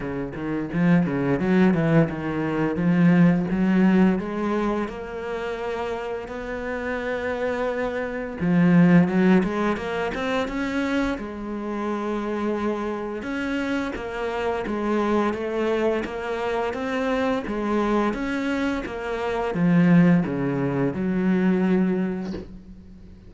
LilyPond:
\new Staff \with { instrumentName = "cello" } { \time 4/4 \tempo 4 = 86 cis8 dis8 f8 cis8 fis8 e8 dis4 | f4 fis4 gis4 ais4~ | ais4 b2. | f4 fis8 gis8 ais8 c'8 cis'4 |
gis2. cis'4 | ais4 gis4 a4 ais4 | c'4 gis4 cis'4 ais4 | f4 cis4 fis2 | }